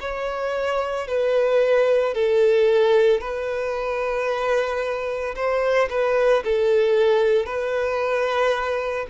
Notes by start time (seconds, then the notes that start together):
0.00 C#5
1.07 B4
2.14 A4
3.20 B4
5.35 C5
5.89 B4
6.44 A4
7.46 B4